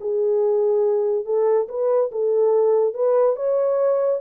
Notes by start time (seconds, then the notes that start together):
0.00 G#4
1.25 A4
1.68 B4
2.11 A4
2.94 B4
3.36 C#5